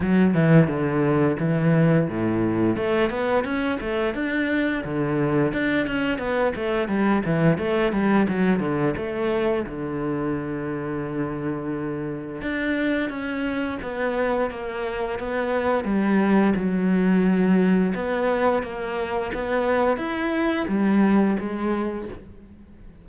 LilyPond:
\new Staff \with { instrumentName = "cello" } { \time 4/4 \tempo 4 = 87 fis8 e8 d4 e4 a,4 | a8 b8 cis'8 a8 d'4 d4 | d'8 cis'8 b8 a8 g8 e8 a8 g8 | fis8 d8 a4 d2~ |
d2 d'4 cis'4 | b4 ais4 b4 g4 | fis2 b4 ais4 | b4 e'4 g4 gis4 | }